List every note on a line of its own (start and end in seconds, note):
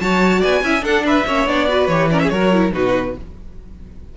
0.00 0.42 F#3
0.00 0.63 F#4
0.00 0.40 C#5
0.00 0.42 A5
0.40 0.63 B3
0.40 0.61 D5
0.40 0.85 G#5
0.63 0.82 C#4
0.63 0.81 E4
0.63 0.84 E5
0.81 1.23 D4
0.81 1.24 D4
0.81 1.05 A4
0.81 1.06 F#5
1.06 1.27 B4
1.06 1.48 E5
1.26 1.46 A#3
1.26 1.48 C#4
1.26 1.69 C#5
1.46 1.88 B3
1.46 1.69 D4
1.46 1.88 D5
1.69 1.90 F#4
1.69 2.11 B4
1.88 2.30 E3
1.88 2.11 G4
1.88 2.09 C#5
2.11 2.32 C#4
2.11 2.22 A#4
2.11 2.19 D5
2.19 2.33 G#4
2.19 2.29 E5
2.29 2.73 F#3
2.29 2.53 F#4
2.29 2.74 A#4
2.29 2.71 C#5
2.53 2.72 E4
2.72 3.16 B2
2.72 3.14 D#4
2.72 3.16 F#4
2.72 3.17 B4